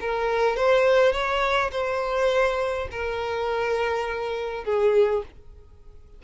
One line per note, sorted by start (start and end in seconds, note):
0.00 0.56 A#4
0.56 1.12 C5
1.12 1.70 C#5
1.71 2.88 C5
2.91 4.64 A#4
4.64 5.22 G#4